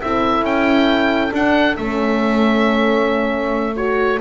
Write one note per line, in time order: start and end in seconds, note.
0.00 0.43 C4
0.00 1.31 E4
0.00 4.19 A4
0.00 0.45 E5
0.43 1.31 C#4
0.43 1.33 G5
1.31 1.75 D4
1.31 1.77 D4
1.31 1.76 F#5
1.76 4.20 A3
1.76 3.76 C#4
1.76 3.75 E5
3.76 4.20 F#4
3.76 4.20 C#5